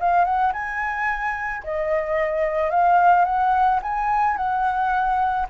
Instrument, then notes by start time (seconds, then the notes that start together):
flute
0.00 F5
0.25 F#5
0.53 G#5
1.64 D#5
2.70 F5
3.25 F#5
3.83 G#5
4.37 F#5